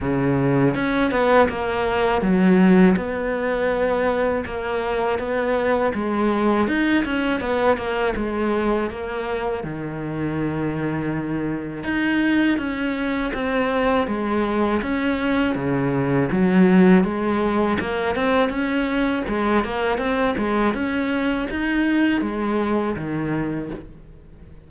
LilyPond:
\new Staff \with { instrumentName = "cello" } { \time 4/4 \tempo 4 = 81 cis4 cis'8 b8 ais4 fis4 | b2 ais4 b4 | gis4 dis'8 cis'8 b8 ais8 gis4 | ais4 dis2. |
dis'4 cis'4 c'4 gis4 | cis'4 cis4 fis4 gis4 | ais8 c'8 cis'4 gis8 ais8 c'8 gis8 | cis'4 dis'4 gis4 dis4 | }